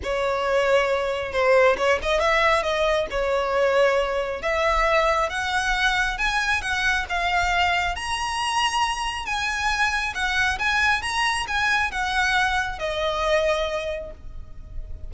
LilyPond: \new Staff \with { instrumentName = "violin" } { \time 4/4 \tempo 4 = 136 cis''2. c''4 | cis''8 dis''8 e''4 dis''4 cis''4~ | cis''2 e''2 | fis''2 gis''4 fis''4 |
f''2 ais''2~ | ais''4 gis''2 fis''4 | gis''4 ais''4 gis''4 fis''4~ | fis''4 dis''2. | }